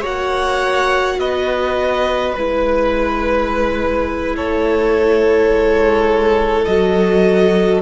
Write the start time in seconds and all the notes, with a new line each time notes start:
0.00 A#3 F#4 C#5 F#5
1.18 B3 B4 D#5
2.33 G#3 E4 B4
4.36 A3 A4 C#5
5.50 G#3
6.64 F#3 F#4 D#5